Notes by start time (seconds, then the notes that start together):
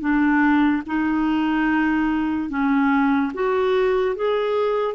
0.00 D4
0.86 D#4
2.50 C#4
3.34 F#4
4.15 G#4